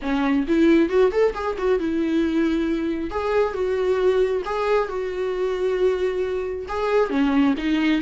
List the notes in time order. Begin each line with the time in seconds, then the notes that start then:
0.01 C#4
0.47 E4
0.89 F#4
1.11 A4
1.34 G#4
1.58 F#4
1.79 E4
3.10 G#4
3.53 F#4
4.45 G#4
4.88 F#4
6.68 G#4
7.10 C#4
7.57 D#4